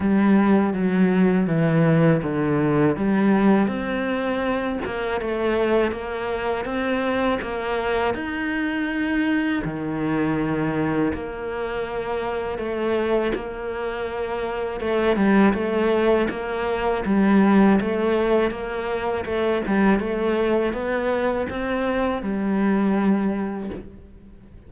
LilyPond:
\new Staff \with { instrumentName = "cello" } { \time 4/4 \tempo 4 = 81 g4 fis4 e4 d4 | g4 c'4. ais8 a4 | ais4 c'4 ais4 dis'4~ | dis'4 dis2 ais4~ |
ais4 a4 ais2 | a8 g8 a4 ais4 g4 | a4 ais4 a8 g8 a4 | b4 c'4 g2 | }